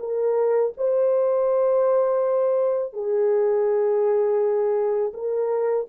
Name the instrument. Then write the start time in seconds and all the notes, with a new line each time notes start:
horn
0.00 A#4
0.77 C5
2.93 G#4
5.14 A#4